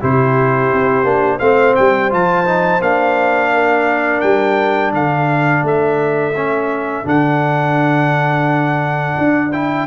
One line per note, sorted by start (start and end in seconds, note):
0.00 0.73 C3
0.00 1.05 E4
0.00 1.38 G4
0.00 1.39 C5
0.73 1.04 C4
1.04 1.39 A#3
1.04 1.40 D4
1.38 1.76 A3
1.38 2.10 C4
1.38 3.50 C5
1.38 1.74 F5
1.75 2.13 G3
1.75 2.11 G5
2.10 2.80 F3
2.10 2.45 F4
2.10 2.82 A5
2.45 2.81 D#4
2.80 4.22 A#3
2.80 6.34 D4
2.80 4.21 F5
3.53 4.94 A#4
4.21 4.93 G3
4.21 4.91 G5
4.93 5.63 D3
4.93 9.87 A4
4.93 5.65 F5
5.63 7.04 A3
5.63 7.08 E5
6.36 7.04 C#4
7.04 9.17 D3
7.04 9.51 D4
7.04 9.52 F#5
9.18 9.87 D4
9.52 9.87 E4
9.52 9.87 G5